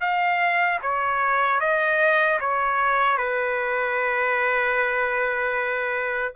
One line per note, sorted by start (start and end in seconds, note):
0.00 0.79 F5
0.82 1.60 C#5
1.60 2.39 D#5
2.40 3.17 C#5
3.17 6.33 B4